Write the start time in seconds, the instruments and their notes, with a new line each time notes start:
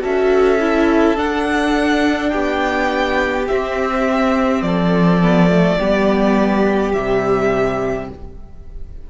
0.00 cello C#4, viola F#4, violin A4 E5
0.60 viola E4
1.17 viola D4, cello D4, violin F#5
2.29 cello B3, violin G4 G5
3.47 viola C4, cello C4, violin E5
4.61 cello F3, violin A4 D5
5.22 viola B3
5.49 viola A3
5.78 cello G3, viola B3, violin G4
6.93 cello C3, viola G3, violin E5